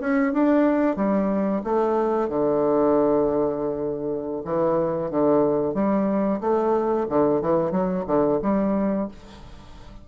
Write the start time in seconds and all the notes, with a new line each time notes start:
0.00 C#4
0.33 D4
0.96 G3
1.64 A3
2.28 D3
4.44 E3
5.10 D3
5.74 G3
6.40 A3
7.09 D3
7.41 E3
7.71 F#3
8.06 D3
8.42 G3